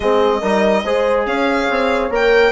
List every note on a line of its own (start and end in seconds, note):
0.00 0.41 G#3
0.00 0.41 C4
0.00 0.40 G#4
0.00 1.26 D#5
0.40 0.84 G3
0.40 0.84 D#4
0.40 0.82 A#4
0.84 1.26 G#3
0.84 2.10 G#4
0.84 1.27 C5
1.26 1.68 C#4
1.26 2.52 C#5
1.26 2.10 F5
1.69 2.10 C4
2.10 2.52 A#3
2.10 2.52 A#4
2.10 2.52 G5